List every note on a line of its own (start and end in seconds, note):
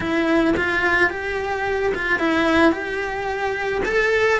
0.00 0.54 E4
0.56 1.10 F4
1.10 1.92 G4
1.94 2.19 F4
2.19 2.72 E4
2.72 3.82 G4
3.85 4.39 A4